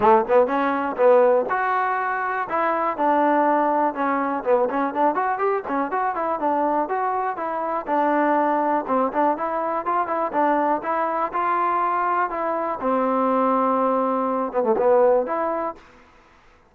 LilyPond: \new Staff \with { instrumentName = "trombone" } { \time 4/4 \tempo 4 = 122 a8 b8 cis'4 b4 fis'4~ | fis'4 e'4 d'2 | cis'4 b8 cis'8 d'8 fis'8 g'8 cis'8 | fis'8 e'8 d'4 fis'4 e'4 |
d'2 c'8 d'8 e'4 | f'8 e'8 d'4 e'4 f'4~ | f'4 e'4 c'2~ | c'4. b16 a16 b4 e'4 | }